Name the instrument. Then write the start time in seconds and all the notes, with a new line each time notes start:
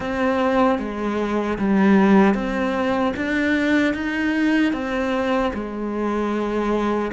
cello
0.00 C4
0.79 G#3
1.58 G3
2.34 C4
3.16 D4
3.93 D#4
4.73 C4
5.53 G#3